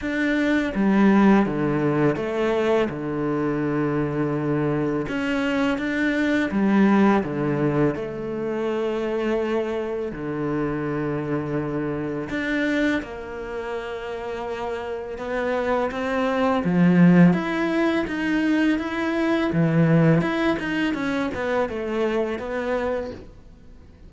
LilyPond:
\new Staff \with { instrumentName = "cello" } { \time 4/4 \tempo 4 = 83 d'4 g4 d4 a4 | d2. cis'4 | d'4 g4 d4 a4~ | a2 d2~ |
d4 d'4 ais2~ | ais4 b4 c'4 f4 | e'4 dis'4 e'4 e4 | e'8 dis'8 cis'8 b8 a4 b4 | }